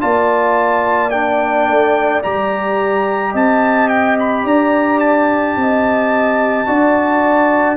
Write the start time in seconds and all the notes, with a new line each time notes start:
0.00 A#3 F4 D5 A5
1.10 D4 G5
1.69 A3
2.23 G3 G4 A#5
3.31 C4 D#5 A5
3.89 G5
4.19 B5
4.44 D4 D5 A#5
5.00 A5
5.56 C4 D#5
6.66 D4 F#4 D5